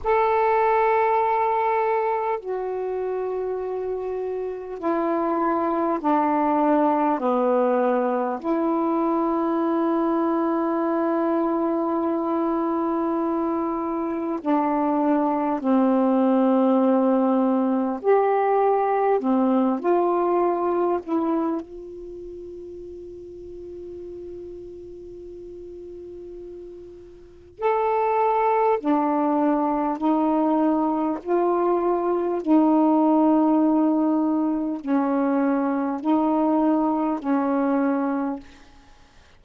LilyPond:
\new Staff \with { instrumentName = "saxophone" } { \time 4/4 \tempo 4 = 50 a'2 fis'2 | e'4 d'4 b4 e'4~ | e'1 | d'4 c'2 g'4 |
c'8 f'4 e'8 f'2~ | f'2. a'4 | d'4 dis'4 f'4 dis'4~ | dis'4 cis'4 dis'4 cis'4 | }